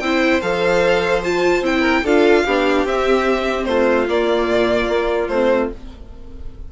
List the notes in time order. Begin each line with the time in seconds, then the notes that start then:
0.00 C4 E4 C5 G5
0.42 F3 A4 F5
1.23 F4 A5
1.61 C4 E4 G5
1.81 A#4
2.04 D4 F4 A4 F5
2.46 B3 D4 G4
2.85 C4 E5
3.65 A3 F4 C5
4.08 A#3 D5
4.48 A#2
4.89 A#3
5.28 A3 C4 C5